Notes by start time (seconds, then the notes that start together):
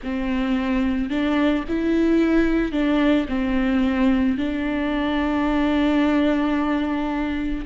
0.03 C4
1.10 D4
1.68 E4
2.71 D4
3.28 C4
4.37 D4